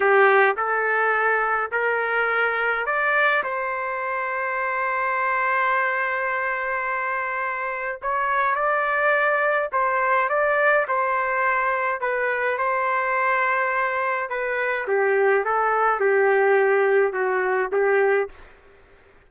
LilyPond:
\new Staff \with { instrumentName = "trumpet" } { \time 4/4 \tempo 4 = 105 g'4 a'2 ais'4~ | ais'4 d''4 c''2~ | c''1~ | c''2 cis''4 d''4~ |
d''4 c''4 d''4 c''4~ | c''4 b'4 c''2~ | c''4 b'4 g'4 a'4 | g'2 fis'4 g'4 | }